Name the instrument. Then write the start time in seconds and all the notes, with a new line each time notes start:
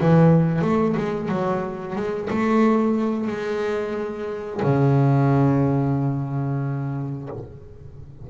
double bass
0.00 E3
0.61 A3
0.97 G#3
1.28 F#3
1.95 G#3
2.30 A3
3.27 G#3
4.62 C#3